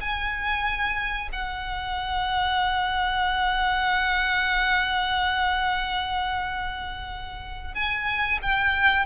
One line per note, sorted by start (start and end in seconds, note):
0.00 1.29 G#5
1.32 7.74 F#5
7.74 8.38 G#5
8.42 9.05 G5